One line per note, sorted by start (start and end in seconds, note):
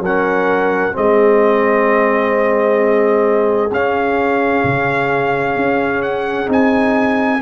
0.00 0.92 F#3
0.00 0.95 A#4
0.00 0.97 F#5
0.07 0.93 C#4
0.93 3.72 G#3
0.93 3.70 C4
0.93 7.42 G#4
0.93 3.74 D#5
3.72 4.64 C#4
3.72 6.47 C#4
3.72 6.03 F5
4.64 5.56 C#3
5.56 6.48 C#4
6.03 6.49 F#5
6.47 7.42 C4
6.47 7.39 D#4
6.53 7.42 G#5